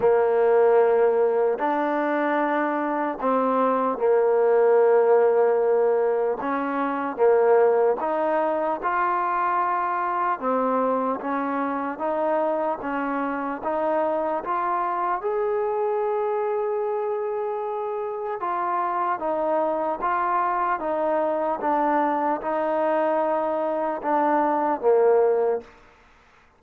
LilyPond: \new Staff \with { instrumentName = "trombone" } { \time 4/4 \tempo 4 = 75 ais2 d'2 | c'4 ais2. | cis'4 ais4 dis'4 f'4~ | f'4 c'4 cis'4 dis'4 |
cis'4 dis'4 f'4 gis'4~ | gis'2. f'4 | dis'4 f'4 dis'4 d'4 | dis'2 d'4 ais4 | }